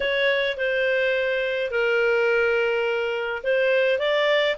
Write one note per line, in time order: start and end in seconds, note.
0.00 0.57 C#5
0.57 1.71 C5
1.71 3.42 A#4
3.43 3.98 C5
3.98 4.56 D5